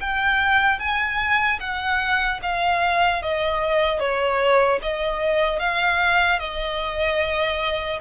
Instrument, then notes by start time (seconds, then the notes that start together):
violin
0.00 G5
0.79 G#5
1.60 F#5
2.42 F5
3.22 D#5
3.99 C#5
4.82 D#5
5.59 F5
6.39 D#5